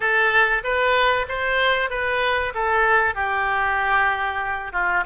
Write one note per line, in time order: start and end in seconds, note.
0.00 0.62 A4
0.63 1.26 B4
1.28 1.89 C5
1.89 2.53 B4
2.54 3.14 A4
3.14 4.72 G4
4.72 5.04 F4